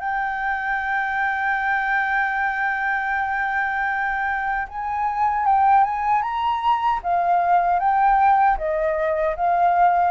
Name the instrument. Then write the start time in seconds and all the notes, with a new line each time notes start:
flute
0.00 G5
4.68 G#5
5.46 G5
5.84 G#5
6.22 A#5
7.03 F5
7.80 G5
8.58 D#5
9.36 F5